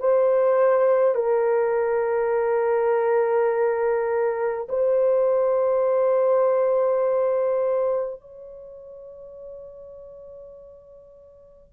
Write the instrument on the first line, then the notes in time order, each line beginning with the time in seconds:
horn
0.00 C5
1.15 A#4
4.69 C5
8.21 C#5